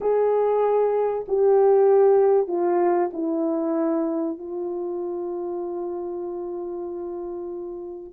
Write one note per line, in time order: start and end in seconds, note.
0.00 1.25 G#4
1.28 2.47 G4
2.47 3.10 F4
3.13 4.38 E4
4.38 8.12 F4